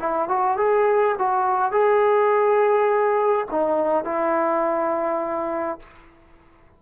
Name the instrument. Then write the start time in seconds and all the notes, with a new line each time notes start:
trombone
0.00 E4
0.29 F#4
0.57 G#4
1.19 F#4
1.72 G#4
3.51 D#4
4.05 E4